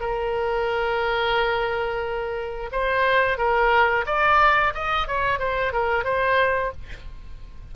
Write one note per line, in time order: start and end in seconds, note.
0.00 2.70 A#4
2.72 3.37 C5
3.37 4.05 A#4
4.06 4.73 D5
4.74 5.07 D#5
5.07 5.39 C#5
5.39 5.72 C5
5.72 6.04 A#4
6.04 6.71 C5